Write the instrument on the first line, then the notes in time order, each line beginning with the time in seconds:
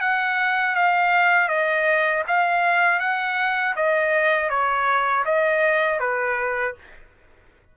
trumpet
0.00 F#5
0.75 F5
1.48 D#5
2.27 F5
2.99 F#5
3.75 D#5
4.49 C#5
5.25 D#5
5.99 B4